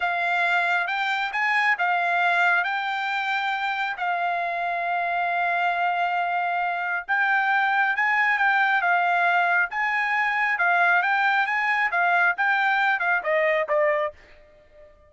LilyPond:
\new Staff \with { instrumentName = "trumpet" } { \time 4/4 \tempo 4 = 136 f''2 g''4 gis''4 | f''2 g''2~ | g''4 f''2.~ | f''1 |
g''2 gis''4 g''4 | f''2 gis''2 | f''4 g''4 gis''4 f''4 | g''4. f''8 dis''4 d''4 | }